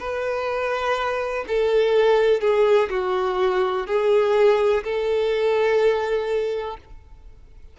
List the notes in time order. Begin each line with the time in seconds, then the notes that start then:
0.00 B4
1.48 A4
2.41 G#4
2.90 F#4
3.87 G#4
4.84 A4